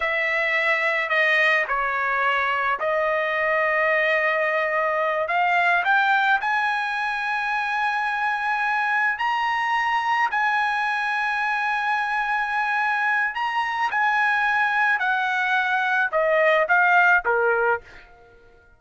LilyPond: \new Staff \with { instrumentName = "trumpet" } { \time 4/4 \tempo 4 = 108 e''2 dis''4 cis''4~ | cis''4 dis''2.~ | dis''4. f''4 g''4 gis''8~ | gis''1~ |
gis''8 ais''2 gis''4.~ | gis''1 | ais''4 gis''2 fis''4~ | fis''4 dis''4 f''4 ais'4 | }